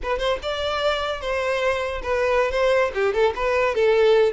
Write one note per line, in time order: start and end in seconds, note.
0.02 0.18 B4
0.18 0.39 C5
0.42 1.21 D5
1.21 2.01 C5
2.02 2.51 B4
2.51 2.91 C5
2.94 3.13 G4
3.13 3.33 A4
3.35 3.74 B4
3.74 4.32 A4